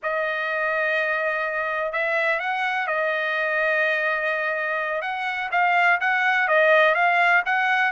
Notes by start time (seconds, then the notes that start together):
0.02 D#5
1.92 E5
2.39 F#5
2.87 D#5
5.01 F#5
5.51 F5
6.00 F#5
6.48 D#5
6.94 F5
7.45 F#5